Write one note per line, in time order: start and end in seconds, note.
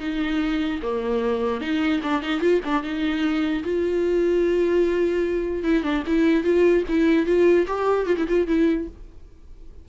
0.00 0.81 D#4
0.83 1.61 A#3
1.61 2.01 D#4
2.03 2.22 D4
2.22 2.41 D#4
2.41 2.61 F4
2.65 2.83 D4
2.83 3.64 D#4
3.64 5.64 F4
5.64 5.83 E4
5.83 6.03 D4
6.07 6.44 E4
6.44 6.84 F4
6.89 7.26 E4
7.26 7.67 F4
7.67 8.07 G4
8.07 8.17 F4
8.18 8.28 E4
8.29 8.47 F4
8.47 8.88 E4